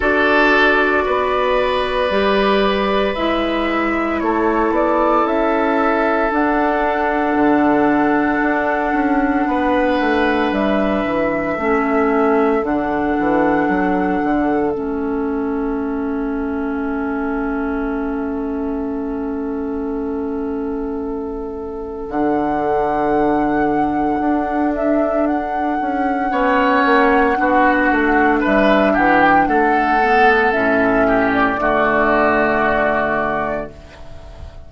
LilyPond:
<<
  \new Staff \with { instrumentName = "flute" } { \time 4/4 \tempo 4 = 57 d''2. e''4 | cis''8 d''8 e''4 fis''2~ | fis''2 e''2 | fis''2 e''2~ |
e''1~ | e''4 fis''2~ fis''8 e''8 | fis''2. e''8 fis''16 g''16 | fis''4 e''8. d''2~ d''16 | }
  \new Staff \with { instrumentName = "oboe" } { \time 4/4 a'4 b'2. | a'1~ | a'4 b'2 a'4~ | a'1~ |
a'1~ | a'1~ | a'4 cis''4 fis'4 b'8 g'8 | a'4. g'8 fis'2 | }
  \new Staff \with { instrumentName = "clarinet" } { \time 4/4 fis'2 g'4 e'4~ | e'2 d'2~ | d'2. cis'4 | d'2 cis'2~ |
cis'1~ | cis'4 d'2.~ | d'4 cis'4 d'2~ | d'8 b8 cis'4 a2 | }
  \new Staff \with { instrumentName = "bassoon" } { \time 4/4 d'4 b4 g4 gis4 | a8 b8 cis'4 d'4 d4 | d'8 cis'8 b8 a8 g8 e8 a4 | d8 e8 fis8 d8 a2~ |
a1~ | a4 d2 d'4~ | d'8 cis'8 b8 ais8 b8 a8 g8 e8 | a4 a,4 d2 | }
>>